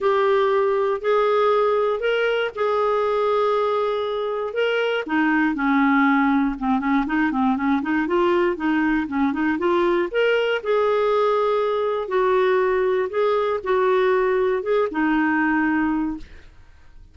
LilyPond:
\new Staff \with { instrumentName = "clarinet" } { \time 4/4 \tempo 4 = 119 g'2 gis'2 | ais'4 gis'2.~ | gis'4 ais'4 dis'4 cis'4~ | cis'4 c'8 cis'8 dis'8 c'8 cis'8 dis'8 |
f'4 dis'4 cis'8 dis'8 f'4 | ais'4 gis'2. | fis'2 gis'4 fis'4~ | fis'4 gis'8 dis'2~ dis'8 | }